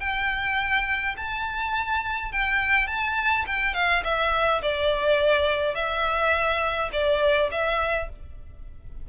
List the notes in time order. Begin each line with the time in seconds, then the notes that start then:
0.00 G5
1.17 A5
2.32 G5
2.87 A5
3.47 G5
3.74 F5
4.04 E5
4.62 D5
5.75 E5
6.92 D5
7.51 E5